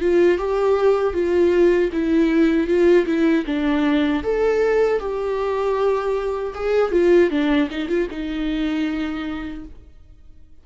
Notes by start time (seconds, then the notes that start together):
0.00 F4
0.37 G4
1.13 F4
1.92 E4
2.67 F4
3.06 E4
3.46 D4
4.23 A4
4.99 G4
6.54 G#4
6.91 F4
7.30 D4
7.70 D#4
7.88 F4
8.10 D#4